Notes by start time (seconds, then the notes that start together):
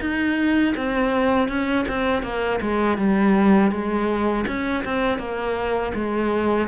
0.00 D#4
0.76 C4
1.48 C#4
1.88 C4
2.23 A#3
2.61 G#3
2.97 G3
3.71 G#3
4.47 C#4
4.84 C4
5.18 A#3
5.94 G#3